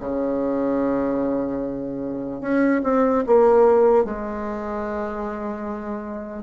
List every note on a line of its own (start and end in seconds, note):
0.00 2.41 C#3
2.41 2.82 C#4
2.84 3.24 C4
3.27 4.05 A#3
4.05 6.43 G#3